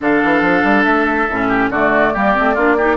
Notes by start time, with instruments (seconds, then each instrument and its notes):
0.00 bassoon D3, clarinet D4, oboe A4, flute F5
0.23 bassoon E3
0.41 bassoon F3
0.63 bassoon G3
0.83 bassoon A3, flute E5
1.29 bassoon A2, clarinet C#4
1.48 oboe G4
1.70 bassoon D3, clarinet A3, oboe F#4, flute D5
2.13 bassoon G3, clarinet A#3, oboe G4
2.34 bassoon A3, clarinet C4
2.54 bassoon A#3, clarinet D4, oboe F4
2.77 clarinet D#4, oboe G4